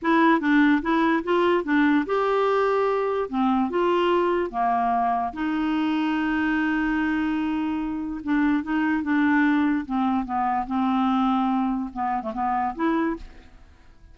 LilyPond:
\new Staff \with { instrumentName = "clarinet" } { \time 4/4 \tempo 4 = 146 e'4 d'4 e'4 f'4 | d'4 g'2. | c'4 f'2 ais4~ | ais4 dis'2.~ |
dis'1 | d'4 dis'4 d'2 | c'4 b4 c'2~ | c'4 b8. a16 b4 e'4 | }